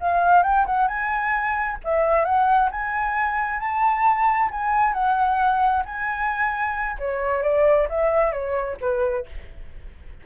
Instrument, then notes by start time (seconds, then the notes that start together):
flute
0.00 F5
0.42 G5
0.66 F#5
0.87 G#5
1.84 E5
2.24 F#5
2.71 G#5
3.59 A5
4.51 G#5
4.93 F#5
5.85 G#5
6.98 C#5
7.42 D5
7.89 E5
8.32 C#5
8.80 B4